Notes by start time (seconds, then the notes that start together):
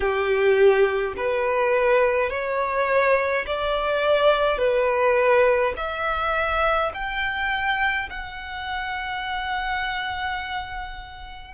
0.00 G4
1.16 B4
2.30 C#5
3.46 D5
4.58 B4
5.76 E5
6.93 G5
8.09 F#5